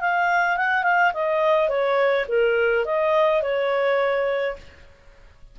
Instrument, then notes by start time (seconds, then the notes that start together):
clarinet
0.00 F5
0.56 F#5
0.83 F5
1.13 D#5
1.68 C#5
2.28 A#4
2.85 D#5
3.42 C#5